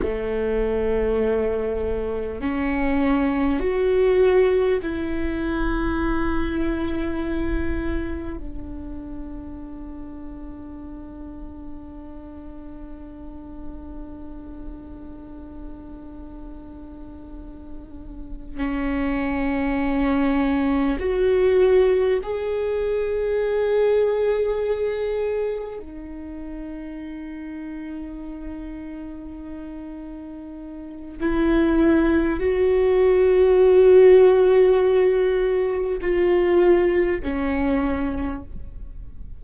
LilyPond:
\new Staff \with { instrumentName = "viola" } { \time 4/4 \tempo 4 = 50 a2 cis'4 fis'4 | e'2. d'4~ | d'1~ | d'2.~ d'8 cis'8~ |
cis'4. fis'4 gis'4.~ | gis'4. dis'2~ dis'8~ | dis'2 e'4 fis'4~ | fis'2 f'4 cis'4 | }